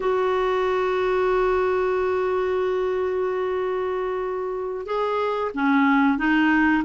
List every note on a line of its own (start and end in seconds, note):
0.00 4.86 F#4
4.86 5.51 G#4
5.54 6.18 C#4
6.18 6.83 D#4